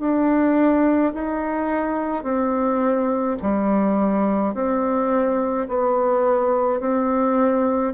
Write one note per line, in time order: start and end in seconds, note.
0.00 1.13 D4
1.14 2.23 D#4
2.23 3.37 C4
3.42 4.54 G3
4.54 5.67 C4
5.68 6.80 B3
6.80 7.93 C4